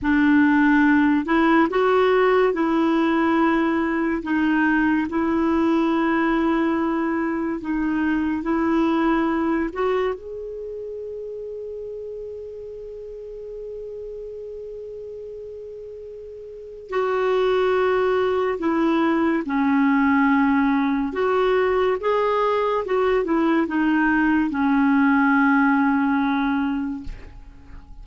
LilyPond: \new Staff \with { instrumentName = "clarinet" } { \time 4/4 \tempo 4 = 71 d'4. e'8 fis'4 e'4~ | e'4 dis'4 e'2~ | e'4 dis'4 e'4. fis'8 | gis'1~ |
gis'1 | fis'2 e'4 cis'4~ | cis'4 fis'4 gis'4 fis'8 e'8 | dis'4 cis'2. | }